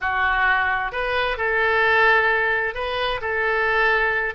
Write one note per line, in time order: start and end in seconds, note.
0.01 0.92 F#4
0.92 1.37 B4
1.37 2.74 A4
2.74 3.20 B4
3.21 4.34 A4